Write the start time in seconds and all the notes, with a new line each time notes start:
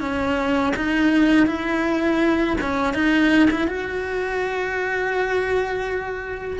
0.00 C#4
0.76 D#4
1.47 E4
2.61 C#4
2.94 D#4
3.51 E4
3.68 F#4